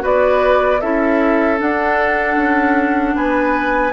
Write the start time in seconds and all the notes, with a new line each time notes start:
0.00 B3 F#4 B4 D5
0.81 C#4 E4 A4 E5
1.58 D4 F#5
2.37 C#4
3.16 B3 B4 G#5